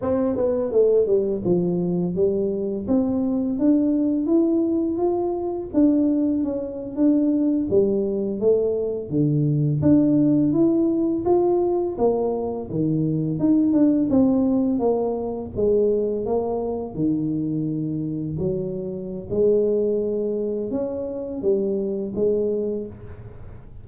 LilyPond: \new Staff \with { instrumentName = "tuba" } { \time 4/4 \tempo 4 = 84 c'8 b8 a8 g8 f4 g4 | c'4 d'4 e'4 f'4 | d'4 cis'8. d'4 g4 a16~ | a8. d4 d'4 e'4 f'16~ |
f'8. ais4 dis4 dis'8 d'8 c'16~ | c'8. ais4 gis4 ais4 dis16~ | dis4.~ dis16 fis4~ fis16 gis4~ | gis4 cis'4 g4 gis4 | }